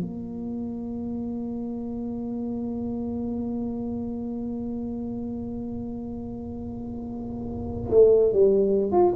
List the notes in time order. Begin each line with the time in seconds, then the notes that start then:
0.00 A#3
7.91 A3
8.33 G3
8.92 F4